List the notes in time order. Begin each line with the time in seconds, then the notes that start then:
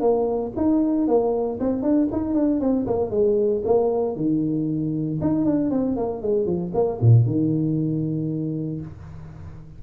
0.00 A#3
0.56 D#4
1.07 A#3
1.60 C4
1.82 D4
2.12 D#4
2.34 D4
2.60 C4
2.86 A#3
3.10 G#3
3.64 A#3
4.16 D#3
5.21 D#4
5.45 D4
5.70 C4
5.96 A#3
6.22 G#3
6.46 F3
6.74 A#3
7.01 A#2
7.26 D#3